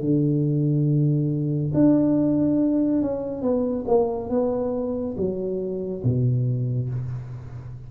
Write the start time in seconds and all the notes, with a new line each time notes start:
0.00 D3
1.74 D4
3.02 C#4
3.42 B3
3.87 A#3
4.29 B3
5.17 F#3
6.04 B2